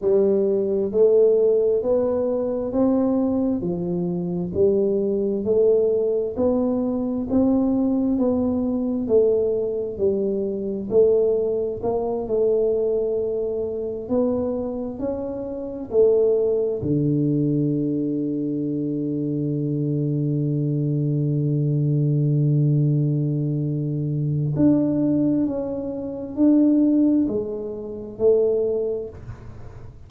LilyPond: \new Staff \with { instrumentName = "tuba" } { \time 4/4 \tempo 4 = 66 g4 a4 b4 c'4 | f4 g4 a4 b4 | c'4 b4 a4 g4 | a4 ais8 a2 b8~ |
b8 cis'4 a4 d4.~ | d1~ | d2. d'4 | cis'4 d'4 gis4 a4 | }